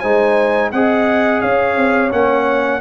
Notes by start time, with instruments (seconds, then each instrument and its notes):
0.00 tuba G#3, trombone D#4, horn C5, trumpet G#5
0.72 tuba C4, trombone G#4, horn D#5, trumpet F#5
1.41 tuba C#4, horn C#5, trumpet F5
1.77 tuba C4
2.11 tuba A#3, trombone C#4, trumpet F#5